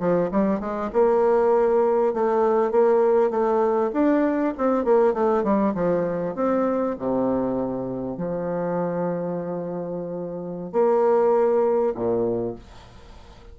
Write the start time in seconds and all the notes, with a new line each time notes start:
0.00 F3
0.32 G3
0.61 G#3
0.93 A#3
2.14 A3
2.72 A#3
3.31 A3
3.94 D4
4.58 C4
4.85 A#3
5.14 A3
5.44 G3
5.75 F3
6.36 C4
6.99 C3
8.17 F3
10.73 A#3
11.95 A#2